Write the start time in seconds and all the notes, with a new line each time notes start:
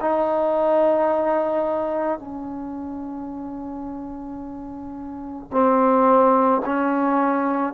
0.00 D#4
2.19 C#4
5.51 C4
6.65 C#4